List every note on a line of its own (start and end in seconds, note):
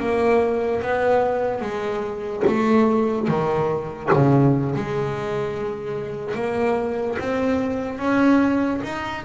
0.00 0.82 A#3
0.82 1.62 B3
1.62 2.44 G#3
2.47 3.28 A3
3.28 4.11 D#3
4.14 4.75 C#3
4.76 6.35 G#3
6.35 7.18 A#3
7.19 7.99 C4
7.99 8.81 C#4
8.84 9.25 D#4